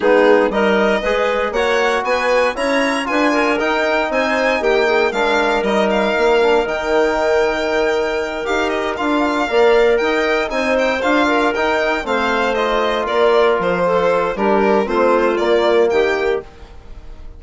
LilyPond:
<<
  \new Staff \with { instrumentName = "violin" } { \time 4/4 \tempo 4 = 117 gis'4 dis''2 fis''4 | gis''4 ais''4 gis''4 g''4 | gis''4 g''4 f''4 dis''8 f''8~ | f''4 g''2.~ |
g''8 f''8 dis''8 f''2 g''8~ | g''8 gis''8 g''8 f''4 g''4 f''8~ | f''8 dis''4 d''4 c''4. | ais'4 c''4 d''4 g''4 | }
  \new Staff \with { instrumentName = "clarinet" } { \time 4/4 dis'4 ais'4 b'4 cis''4 | b'4 cis''4 b'8 ais'4. | c''4 g'8 gis'8 ais'2~ | ais'1~ |
ais'2~ ais'8 d''4 dis''8~ | dis''8 c''4. ais'4. c''8~ | c''4. ais'4. a'4 | g'4 f'2 g'4 | }
  \new Staff \with { instrumentName = "trombone" } { \time 4/4 b4 dis'4 gis'4 fis'4~ | fis'4 e'4 f'4 dis'4~ | dis'2 d'4 dis'4~ | dis'8 d'8 dis'2.~ |
dis'8 g'4 f'4 ais'4.~ | ais'8 dis'4 f'4 dis'4 c'8~ | c'8 f'2.~ f'8 | d'4 c'4 ais2 | }
  \new Staff \with { instrumentName = "bassoon" } { \time 4/4 gis4 g4 gis4 ais4 | b4 cis'4 d'4 dis'4 | c'4 ais4 gis4 g4 | ais4 dis2.~ |
dis8 dis'4 d'4 ais4 dis'8~ | dis'8 c'4 d'4 dis'4 a8~ | a4. ais4 f4. | g4 a4 ais4 dis4 | }
>>